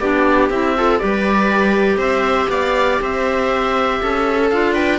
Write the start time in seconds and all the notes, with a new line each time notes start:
0.00 B3 D4 G4 D5
0.50 C4 E4 E5
0.76 F4 A4
0.99 G3 G4 B4 D5
1.97 C4 C5 E5
2.49 B3 D5 F5
3.01 C4 C5 E5
4.03 C#4 A4
4.50 D4 F4 F5
4.74 B4 G5